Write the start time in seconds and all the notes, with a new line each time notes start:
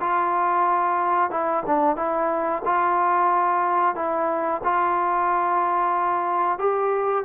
0.00 F4
1.30 E4
1.66 D4
1.96 E4
2.65 F4
3.95 E4
4.63 F4
6.58 G4